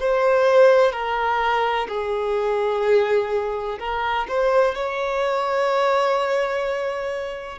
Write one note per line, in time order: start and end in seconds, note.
0.00 0.92 C5
0.92 1.87 A#4
1.88 3.79 G#4
3.80 4.27 A#4
4.29 4.75 C5
4.75 7.59 C#5